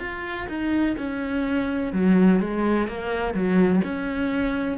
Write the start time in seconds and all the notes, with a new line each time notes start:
0.00 F4
0.49 D#4
0.97 C#4
1.93 F#3
2.40 G#3
2.88 A#3
3.34 F#3
3.84 C#4